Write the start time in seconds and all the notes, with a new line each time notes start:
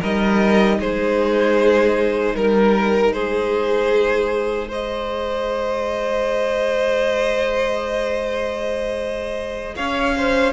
0.00 G3 D#4 A#4 D#5
0.78 G#3 G#4 C5
2.34 G3 A#4
3.12 G#3 G#4 C5
4.68 G#4 C5 D#5
9.76 C#4 C#5 F5
10.17 C5